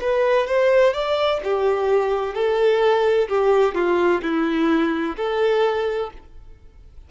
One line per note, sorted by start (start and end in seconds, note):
0.00 0.46 B4
0.46 0.93 C5
0.93 1.40 D5
1.43 2.34 G4
2.34 3.28 A4
3.28 3.74 G4
3.74 4.21 F4
4.22 5.16 E4
5.16 6.10 A4